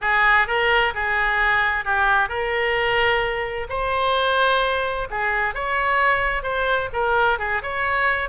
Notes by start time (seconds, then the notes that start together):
0.01 G#4
0.47 A#4
0.94 G#4
1.85 G4
2.28 A#4
3.69 C5
5.10 G#4
5.54 C#5
6.43 C5
6.92 A#4
7.38 G#4
7.62 C#5